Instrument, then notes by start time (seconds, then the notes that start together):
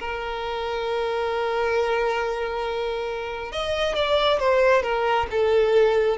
violin
0.00 A#4
3.53 D#5
3.95 D5
4.40 C5
4.83 A#4
5.31 A4